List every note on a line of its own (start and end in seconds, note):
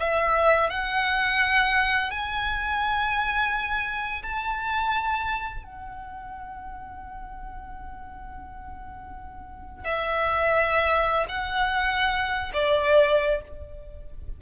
0.00 0.70 E5
0.70 2.11 F#5
2.11 4.23 G#5
4.23 5.64 A5
5.64 9.85 F#5
9.85 11.26 E5
11.29 12.52 F#5
12.54 13.42 D5